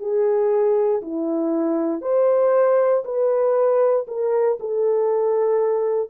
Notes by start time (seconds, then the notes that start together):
0.00 G#4
1.02 E4
2.02 C5
3.05 B4
4.07 A#4
4.60 A4